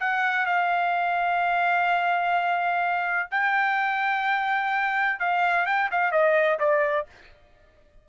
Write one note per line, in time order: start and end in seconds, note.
0.00 0.46 F#5
0.46 3.29 F5
3.31 5.20 G5
5.20 5.66 F5
5.66 5.89 G5
5.91 6.11 F5
6.11 6.59 D#5
6.59 7.07 D5